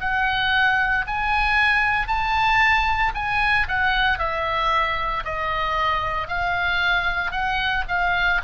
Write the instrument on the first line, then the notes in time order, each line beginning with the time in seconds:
oboe
0.00 F#5
1.07 G#5
2.07 A5
3.14 G#5
3.68 F#5
4.19 E5
5.24 D#5
6.28 F5
7.32 F#5
7.89 F5